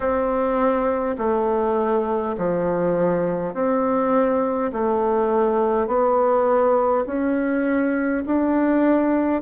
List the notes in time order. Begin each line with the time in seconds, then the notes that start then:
0.00 C4
1.18 A3
2.37 F3
3.53 C4
4.72 A3
5.87 B3
7.06 C#4
8.26 D4